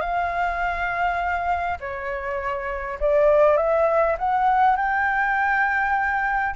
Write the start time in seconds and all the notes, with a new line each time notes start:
0.00 F5
1.80 C#5
3.00 D5
3.57 E5
4.18 F#5
4.76 G5